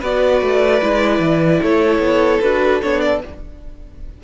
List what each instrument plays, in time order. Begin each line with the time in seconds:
0.00 cello B3, viola F#4, violin B4 D5
0.41 cello A3
0.82 cello G#3, viola E4
1.19 cello E3
1.62 cello A3, violin A4 C#5
1.99 cello B3
2.41 cello D4, viola F#4, violin B4
2.82 cello B3, viola D4, violin C#5
3.00 violin D5